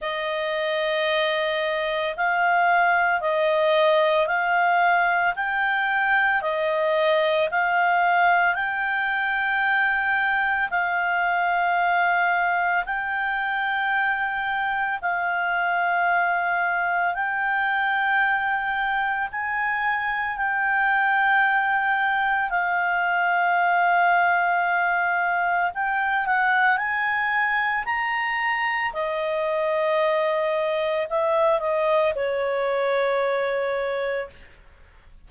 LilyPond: \new Staff \with { instrumentName = "clarinet" } { \time 4/4 \tempo 4 = 56 dis''2 f''4 dis''4 | f''4 g''4 dis''4 f''4 | g''2 f''2 | g''2 f''2 |
g''2 gis''4 g''4~ | g''4 f''2. | g''8 fis''8 gis''4 ais''4 dis''4~ | dis''4 e''8 dis''8 cis''2 | }